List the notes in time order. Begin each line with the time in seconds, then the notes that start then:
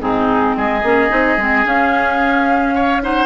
0.00 G#2 C4 D#4 G#4
0.57 G#3 G#4 D#5
0.83 A#3 C#4
1.10 C4 D#4
1.37 G#3 C4
1.65 C#4 F5
2.75 C#5
3.02 D#4 C5 F#5